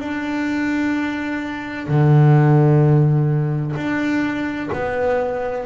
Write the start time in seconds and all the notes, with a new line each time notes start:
0.00 D4
1.88 D3
3.76 D4
4.73 B3